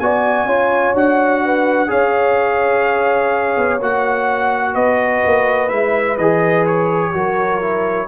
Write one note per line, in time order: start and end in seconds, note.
0.00 0.46 B3
0.00 0.48 F#4
0.00 0.47 D5
0.00 0.95 G#5
0.46 0.93 C#4
0.46 0.95 F4
0.46 1.42 C#5
0.94 1.89 D4
0.94 1.88 F#4
0.94 1.90 F#5
1.45 1.90 B4
1.88 3.57 C#4
1.88 3.78 G#4
1.88 4.74 C#5
1.88 3.81 F5
3.57 3.80 B3
3.80 4.75 A#3
3.80 5.69 F#4
3.80 4.75 F#5
4.74 5.23 B3
4.74 7.12 B4
4.74 5.69 D#5
5.26 5.71 A#3
5.69 6.18 G#3
5.69 6.16 E4
5.69 6.17 E5
6.18 7.13 E3
6.18 7.13 G#4
6.18 6.65 D#5
6.66 8.08 C#5
7.13 8.08 F#3
7.13 7.61 F#4
7.13 8.08 A#4
7.61 8.08 E4